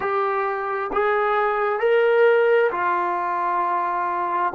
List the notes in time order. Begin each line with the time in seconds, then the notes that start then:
0.00 G4
0.92 G#4
1.79 A#4
2.71 F4